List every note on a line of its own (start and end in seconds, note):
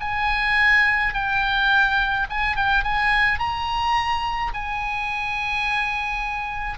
0.00 1.13 G#5
1.13 2.26 G5
2.30 2.56 G#5
2.56 2.84 G5
2.84 3.39 G#5
3.39 4.52 A#5
4.53 6.78 G#5